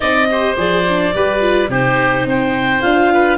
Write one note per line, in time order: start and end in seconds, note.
0.00 0.56 C4
0.00 0.29 D#4
0.00 0.27 D5
0.00 0.56 D#5
0.30 0.56 G4
0.30 1.15 C5
0.56 1.13 F3
0.56 0.85 G#4
0.56 1.71 D5
0.88 1.14 D4
1.14 1.68 G3
1.14 1.40 G4
1.14 1.70 B4
1.40 1.68 F4
1.68 2.25 C3
1.68 2.81 D#4
1.68 2.26 G4
1.68 2.28 C5
2.25 2.81 C4
2.25 3.13 C5
2.25 2.81 G5
2.81 3.37 D4
2.81 3.37 F4
2.81 3.37 F5
3.13 3.37 B4